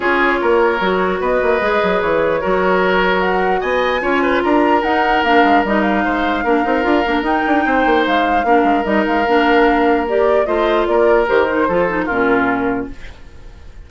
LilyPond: <<
  \new Staff \with { instrumentName = "flute" } { \time 4/4 \tempo 4 = 149 cis''2. dis''4~ | dis''4 cis''2. | fis''4 gis''2 ais''4 | fis''4 f''4 dis''8 f''4.~ |
f''2 g''2 | f''2 dis''8 f''4.~ | f''4 d''4 dis''4 d''4 | c''2 ais'2 | }
  \new Staff \with { instrumentName = "oboe" } { \time 4/4 gis'4 ais'2 b'4~ | b'2 ais'2~ | ais'4 dis''4 cis''8 b'8 ais'4~ | ais'2. c''4 |
ais'2. c''4~ | c''4 ais'2.~ | ais'2 c''4 ais'4~ | ais'4 a'4 f'2 | }
  \new Staff \with { instrumentName = "clarinet" } { \time 4/4 f'2 fis'2 | gis'2 fis'2~ | fis'2 f'2 | dis'4 d'4 dis'2 |
d'8 dis'8 f'8 d'8 dis'2~ | dis'4 d'4 dis'4 d'4~ | d'4 g'4 f'2 | g'8 dis'8 f'8 dis'8 cis'2 | }
  \new Staff \with { instrumentName = "bassoon" } { \time 4/4 cis'4 ais4 fis4 b8 ais8 | gis8 fis8 e4 fis2~ | fis4 b4 cis'4 d'4 | dis'4 ais8 gis8 g4 gis4 |
ais8 c'8 d'8 ais8 dis'8 d'8 c'8 ais8 | gis4 ais8 gis8 g8 gis8 ais4~ | ais2 a4 ais4 | dis4 f4 ais,2 | }
>>